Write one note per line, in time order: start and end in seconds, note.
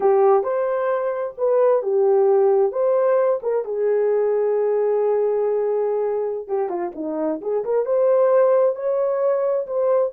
0.00 0.43 G4
0.43 1.34 C5
1.37 1.82 B4
1.82 2.71 G4
2.71 3.40 C5
3.42 3.65 A#4
3.65 6.47 G#4
6.47 6.69 G4
6.69 6.91 F4
6.95 7.40 D#4
7.41 7.64 G#4
7.64 7.85 A#4
7.85 8.75 C5
8.75 9.66 C#5
9.67 10.12 C5